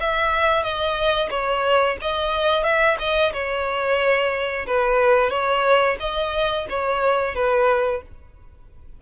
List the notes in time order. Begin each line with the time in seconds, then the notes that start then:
0.00 E5
0.63 D#5
1.30 C#5
2.01 D#5
2.63 E5
2.99 D#5
3.33 C#5
4.66 B4
5.30 C#5
6.00 D#5
6.69 C#5
7.35 B4